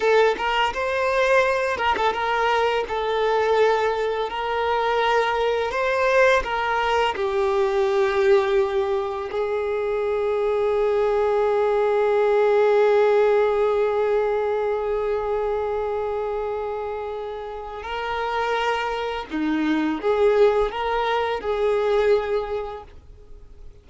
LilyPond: \new Staff \with { instrumentName = "violin" } { \time 4/4 \tempo 4 = 84 a'8 ais'8 c''4. ais'16 a'16 ais'4 | a'2 ais'2 | c''4 ais'4 g'2~ | g'4 gis'2.~ |
gis'1~ | gis'1~ | gis'4 ais'2 dis'4 | gis'4 ais'4 gis'2 | }